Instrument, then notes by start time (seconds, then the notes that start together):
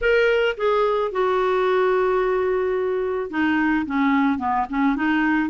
clarinet
0.01 A#4
0.57 G#4
1.11 F#4
3.30 D#4
3.86 C#4
4.38 B3
4.69 C#4
4.95 D#4